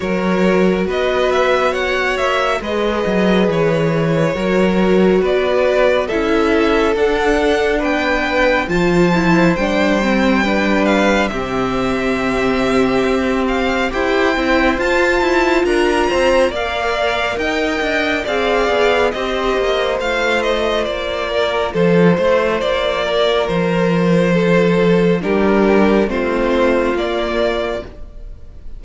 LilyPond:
<<
  \new Staff \with { instrumentName = "violin" } { \time 4/4 \tempo 4 = 69 cis''4 dis''8 e''8 fis''8 e''8 dis''4 | cis''2 d''4 e''4 | fis''4 g''4 a''4 g''4~ | g''8 f''8 e''2~ e''8 f''8 |
g''4 a''4 ais''4 f''4 | g''4 f''4 dis''4 f''8 dis''8 | d''4 c''4 d''4 c''4~ | c''4 ais'4 c''4 d''4 | }
  \new Staff \with { instrumentName = "violin" } { \time 4/4 ais'4 b'4 cis''4 b'4~ | b'4 ais'4 b'4 a'4~ | a'4 b'4 c''2 | b'4 g'2. |
c''2 ais'8 c''8 d''4 | dis''4 d''4 c''2~ | c''8 ais'8 a'8 c''4 ais'4. | a'4 g'4 f'2 | }
  \new Staff \with { instrumentName = "viola" } { \time 4/4 fis'2. gis'4~ | gis'4 fis'2 e'4 | d'2 f'8 e'8 d'8 c'8 | d'4 c'2. |
g'8 e'8 f'2 ais'4~ | ais'4 gis'4 g'4 f'4~ | f'1~ | f'4 d'4 c'4 ais4 | }
  \new Staff \with { instrumentName = "cello" } { \time 4/4 fis4 b4. ais8 gis8 fis8 | e4 fis4 b4 cis'4 | d'4 b4 f4 g4~ | g4 c2 c'4 |
e'8 c'8 f'8 e'8 d'8 c'8 ais4 | dis'8 d'8 c'8 b8 c'8 ais8 a4 | ais4 f8 a8 ais4 f4~ | f4 g4 a4 ais4 | }
>>